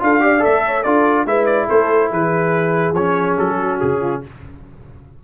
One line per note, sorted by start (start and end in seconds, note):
0.00 0.44 D4
0.00 0.21 F4
0.00 0.23 A4
0.00 0.44 F5
0.21 0.40 G4
0.21 0.65 D5
0.40 0.82 A4
0.40 0.84 E5
0.46 0.86 A3
0.66 0.84 C#5
0.84 1.26 D4
0.84 1.27 F4
0.84 1.26 A4
0.84 1.26 D5
1.26 1.68 G#3
1.26 2.95 E4
1.26 1.67 B4
1.26 1.46 E5
1.46 1.67 D5
1.67 2.12 A3
1.67 2.09 A4
1.67 2.12 C5
2.11 2.94 E3
2.11 3.58 G#4
2.11 2.95 B4
2.94 3.35 F3
2.94 4.24 C#4
2.94 3.37 C#5
3.39 3.81 F#3
3.39 3.80 A4
3.59 4.01 F#4
3.80 4.24 C#3
3.80 4.22 G#4
4.01 4.22 F4